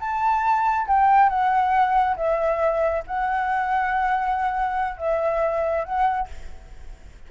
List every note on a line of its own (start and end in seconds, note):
0.00 0.87 A5
0.87 1.29 G5
1.29 2.16 F#5
2.16 3.03 E5
3.07 4.97 F#5
4.97 5.84 E5
5.84 6.28 F#5